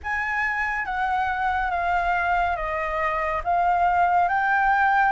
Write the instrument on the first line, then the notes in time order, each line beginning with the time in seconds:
flute
0.03 G#5
0.85 F#5
1.71 F5
2.56 D#5
3.44 F5
4.28 G5